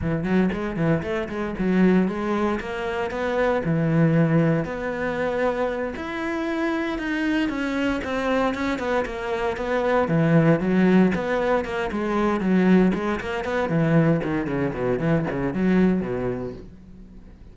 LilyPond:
\new Staff \with { instrumentName = "cello" } { \time 4/4 \tempo 4 = 116 e8 fis8 gis8 e8 a8 gis8 fis4 | gis4 ais4 b4 e4~ | e4 b2~ b8 e'8~ | e'4. dis'4 cis'4 c'8~ |
c'8 cis'8 b8 ais4 b4 e8~ | e8 fis4 b4 ais8 gis4 | fis4 gis8 ais8 b8 e4 dis8 | cis8 b,8 e8 cis8 fis4 b,4 | }